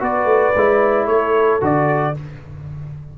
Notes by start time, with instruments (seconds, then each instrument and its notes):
0.00 tuba B3, trombone F#4, horn B4, trumpet D5
0.25 tuba A3
0.56 tuba G#3, trombone E4
1.07 tuba A3, horn A4, trumpet C#5
1.61 tuba D3, trombone F#4, trumpet D5